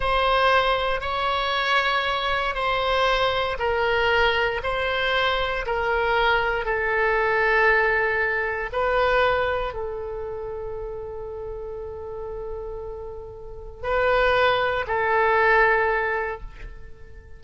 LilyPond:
\new Staff \with { instrumentName = "oboe" } { \time 4/4 \tempo 4 = 117 c''2 cis''2~ | cis''4 c''2 ais'4~ | ais'4 c''2 ais'4~ | ais'4 a'2.~ |
a'4 b'2 a'4~ | a'1~ | a'2. b'4~ | b'4 a'2. | }